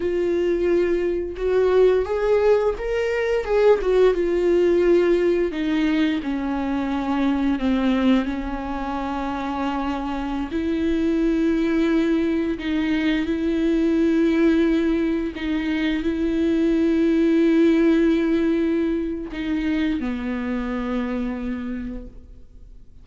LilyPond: \new Staff \with { instrumentName = "viola" } { \time 4/4 \tempo 4 = 87 f'2 fis'4 gis'4 | ais'4 gis'8 fis'8 f'2 | dis'4 cis'2 c'4 | cis'2.~ cis'16 e'8.~ |
e'2~ e'16 dis'4 e'8.~ | e'2~ e'16 dis'4 e'8.~ | e'1 | dis'4 b2. | }